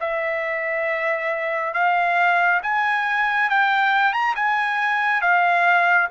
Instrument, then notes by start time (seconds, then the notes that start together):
trumpet
0.00 E5
1.74 F5
2.62 G#5
3.49 G5
4.13 A#5
4.35 G#5
5.21 F5